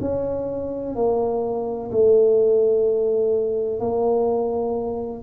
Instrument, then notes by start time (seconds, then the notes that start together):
tuba
0.00 C#4
0.95 A#3
1.90 A3
3.80 A#3